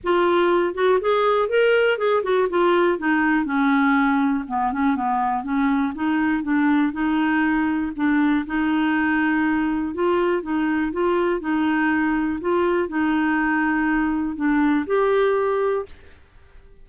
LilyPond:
\new Staff \with { instrumentName = "clarinet" } { \time 4/4 \tempo 4 = 121 f'4. fis'8 gis'4 ais'4 | gis'8 fis'8 f'4 dis'4 cis'4~ | cis'4 b8 cis'8 b4 cis'4 | dis'4 d'4 dis'2 |
d'4 dis'2. | f'4 dis'4 f'4 dis'4~ | dis'4 f'4 dis'2~ | dis'4 d'4 g'2 | }